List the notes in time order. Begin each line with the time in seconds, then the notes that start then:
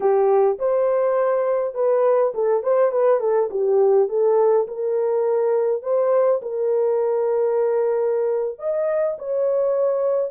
0.00 G4
0.58 C5
1.74 B4
2.34 A4
2.63 C5
2.91 B4
3.20 A4
3.50 G4
4.09 A4
4.67 A#4
5.82 C5
6.42 A#4
8.58 D#5
9.18 C#5